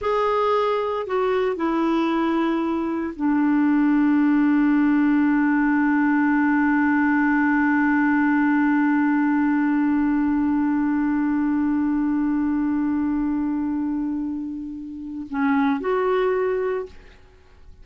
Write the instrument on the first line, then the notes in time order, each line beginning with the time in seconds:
clarinet
0.01 G#4
1.06 F#4
1.56 E4
3.16 D4
15.29 C#4
15.80 F#4